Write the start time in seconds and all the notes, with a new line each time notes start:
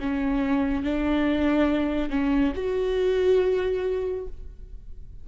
0.00 C#4
0.83 D4
2.10 C#4
2.56 F#4